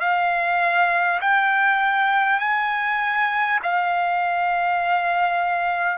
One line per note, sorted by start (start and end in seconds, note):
0.00 1.20 F5
1.20 2.39 G5
2.39 3.59 G#5
3.63 5.97 F5